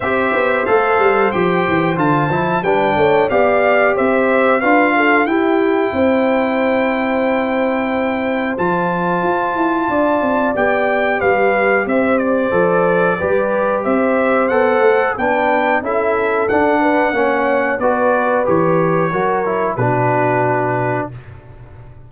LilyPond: <<
  \new Staff \with { instrumentName = "trumpet" } { \time 4/4 \tempo 4 = 91 e''4 f''4 g''4 a''4 | g''4 f''4 e''4 f''4 | g''1~ | g''4 a''2. |
g''4 f''4 e''8 d''4.~ | d''4 e''4 fis''4 g''4 | e''4 fis''2 d''4 | cis''2 b'2 | }
  \new Staff \with { instrumentName = "horn" } { \time 4/4 c''1 | b'8 cis''8 d''4 c''4 b'8 a'8 | g'4 c''2.~ | c''2. d''4~ |
d''4 b'4 c''2 | b'4 c''2 b'4 | a'4. b'8 cis''4 b'4~ | b'4 ais'4 fis'2 | }
  \new Staff \with { instrumentName = "trombone" } { \time 4/4 g'4 a'4 g'4 f'8 e'8 | d'4 g'2 f'4 | e'1~ | e'4 f'2. |
g'2. a'4 | g'2 a'4 d'4 | e'4 d'4 cis'4 fis'4 | g'4 fis'8 e'8 d'2 | }
  \new Staff \with { instrumentName = "tuba" } { \time 4/4 c'8 b8 a8 g8 f8 e8 d8 f8 | g8 a8 b4 c'4 d'4 | e'4 c'2.~ | c'4 f4 f'8 e'8 d'8 c'8 |
b4 g4 c'4 f4 | g4 c'4 b8 a8 b4 | cis'4 d'4 ais4 b4 | e4 fis4 b,2 | }
>>